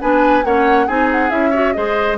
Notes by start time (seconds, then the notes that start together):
0.00 B3 D4 B4 G#5
0.44 A#3 C#4 C#5 F#5
0.86 C4 D#4 G#4 G#5
1.11 F#5
1.30 C#4 E4 E5
1.50 F#4 C#5
1.73 G#3 G#4 C5 D#5